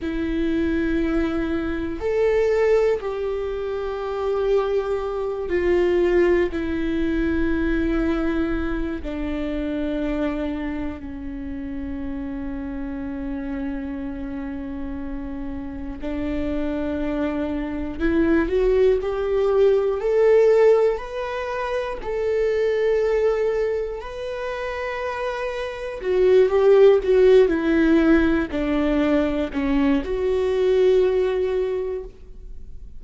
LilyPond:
\new Staff \with { instrumentName = "viola" } { \time 4/4 \tempo 4 = 60 e'2 a'4 g'4~ | g'4. f'4 e'4.~ | e'4 d'2 cis'4~ | cis'1 |
d'2 e'8 fis'8 g'4 | a'4 b'4 a'2 | b'2 fis'8 g'8 fis'8 e'8~ | e'8 d'4 cis'8 fis'2 | }